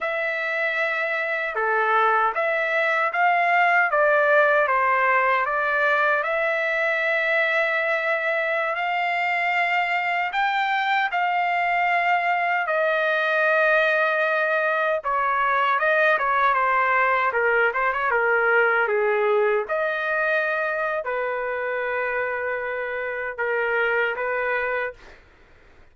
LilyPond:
\new Staff \with { instrumentName = "trumpet" } { \time 4/4 \tempo 4 = 77 e''2 a'4 e''4 | f''4 d''4 c''4 d''4 | e''2.~ e''16 f''8.~ | f''4~ f''16 g''4 f''4.~ f''16~ |
f''16 dis''2. cis''8.~ | cis''16 dis''8 cis''8 c''4 ais'8 c''16 cis''16 ais'8.~ | ais'16 gis'4 dis''4.~ dis''16 b'4~ | b'2 ais'4 b'4 | }